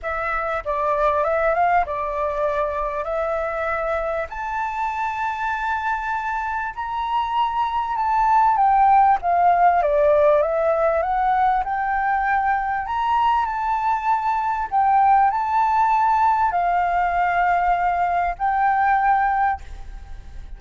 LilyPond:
\new Staff \with { instrumentName = "flute" } { \time 4/4 \tempo 4 = 98 e''4 d''4 e''8 f''8 d''4~ | d''4 e''2 a''4~ | a''2. ais''4~ | ais''4 a''4 g''4 f''4 |
d''4 e''4 fis''4 g''4~ | g''4 ais''4 a''2 | g''4 a''2 f''4~ | f''2 g''2 | }